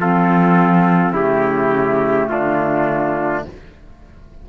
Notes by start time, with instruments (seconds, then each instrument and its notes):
0.00 cello F3, clarinet C4, trumpet F4 A4
1.12 cello C#3, clarinet A3, trumpet E4 G4
2.29 cello D3, trumpet D4 F4